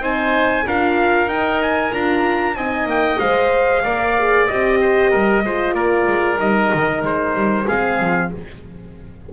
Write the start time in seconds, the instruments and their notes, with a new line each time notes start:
0.00 double bass C4, horn D#4, oboe C5, trumpet G#5
0.66 double bass D4, horn F4, oboe A#4, trumpet F5
1.27 double bass D#4, horn D#4, trumpet G5
1.62 trumpet G#5
1.91 double bass D4, horn F4, trumpet A#5
2.55 double bass C4, horn D#4, oboe D#5, trumpet G#5
2.85 double bass A#3, trumpet G5
3.19 double bass G#3, horn C5, trumpet F5
3.83 double bass A#3, horn A#4, oboe D5
4.18 horn G#4
4.47 double bass C4, horn G4, trumpet D#5
4.81 oboe C5
5.11 double bass G3, oboe A#4
5.44 double bass G#3, horn F4, oboe C5
5.74 double bass A#3, oboe A#4, trumpet D5
6.07 double bass G#3
6.37 double bass G3, horn D#4, trumpet D#5
6.74 double bass D#3
7.02 double bass G#3, trumpet C5
7.34 double bass G3
7.66 double bass G#3, horn C4, oboe G#4, trumpet F5
7.99 double bass F3